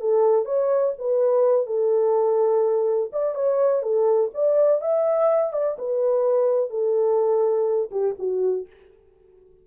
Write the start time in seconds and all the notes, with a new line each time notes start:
0.00 A4
0.45 C#5
0.98 B4
1.66 A4
3.12 D5
3.34 C#5
3.82 A4
4.33 D5
4.81 E5
5.52 D5
5.78 B4
6.69 A4
7.91 G4
8.18 F#4